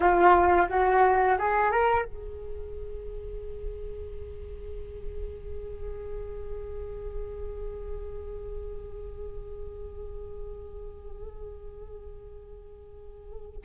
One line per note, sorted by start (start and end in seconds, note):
0.00 0.67 F4
0.68 1.37 F#4
1.38 1.71 G#4
1.71 2.05 A#4
2.05 13.64 G#4